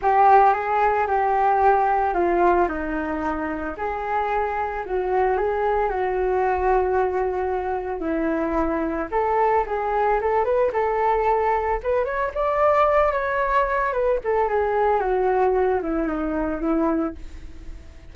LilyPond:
\new Staff \with { instrumentName = "flute" } { \time 4/4 \tempo 4 = 112 g'4 gis'4 g'2 | f'4 dis'2 gis'4~ | gis'4 fis'4 gis'4 fis'4~ | fis'2. e'4~ |
e'4 a'4 gis'4 a'8 b'8 | a'2 b'8 cis''8 d''4~ | d''8 cis''4. b'8 a'8 gis'4 | fis'4. e'8 dis'4 e'4 | }